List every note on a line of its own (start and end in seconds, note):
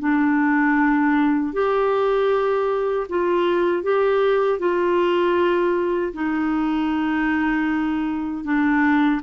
0.00 1.53 D4
1.53 3.07 G4
3.09 3.83 F4
3.83 4.60 G4
4.60 6.13 F4
6.14 8.45 D#4
8.45 9.22 D4